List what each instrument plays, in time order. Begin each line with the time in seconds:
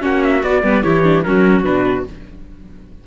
0.00 cello A#3, viola C#4, clarinet F#4, trumpet F#5
0.24 trumpet E5
0.43 cello B3, viola F#4, trumpet D5
0.63 cello G3, viola B3, clarinet B4
0.83 cello E3, viola E4, clarinet G4, trumpet C#5
1.03 viola D4
1.24 cello F#3, viola C#4, clarinet F#4, trumpet A#4
1.64 cello B2, viola D4, trumpet B4